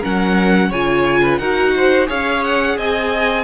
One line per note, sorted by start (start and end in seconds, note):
0.00 0.71 F#3
0.00 0.72 C#4
0.00 0.69 A#4
0.00 0.72 F#5
0.70 1.40 C#3
0.70 1.41 F4
0.70 1.21 C#5
0.70 1.38 G#5
1.23 1.40 B4
1.38 2.09 D#4
1.38 2.07 F#4
1.38 1.74 A#4
1.38 2.07 F#5
1.76 2.09 C5
2.07 2.78 C#4
2.07 3.45 G#4
2.07 2.77 C#5
2.07 2.44 F5
2.44 2.78 F#5
2.77 3.45 C4
2.77 3.45 D#5
2.77 3.45 G#5